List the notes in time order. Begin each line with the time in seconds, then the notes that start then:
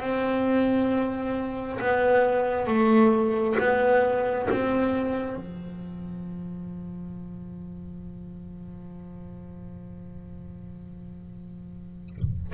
0.00 C4
1.80 B3
2.67 A3
3.59 B3
4.50 C4
5.36 F3